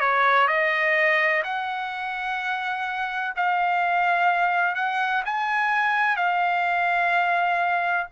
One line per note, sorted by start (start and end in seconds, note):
0.00 0.48 C#5
0.48 1.43 D#5
1.43 3.34 F#5
3.36 4.75 F5
4.75 5.23 F#5
5.25 6.16 G#5
6.16 8.06 F5